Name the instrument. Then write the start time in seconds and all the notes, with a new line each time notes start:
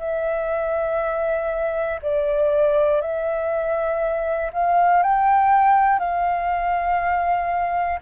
flute
0.00 E5
2.03 D5
3.02 E5
4.53 F5
5.03 G5
6.00 F5